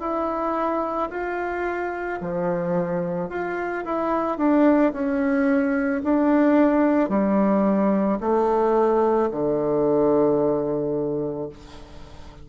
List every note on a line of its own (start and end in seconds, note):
0.00 1.09 E4
1.10 2.19 F4
2.21 3.29 F3
3.29 3.84 F4
3.85 4.38 E4
4.38 4.92 D4
4.93 6.02 C#4
6.04 7.10 D4
7.10 8.19 G3
8.20 9.29 A3
9.31 11.49 D3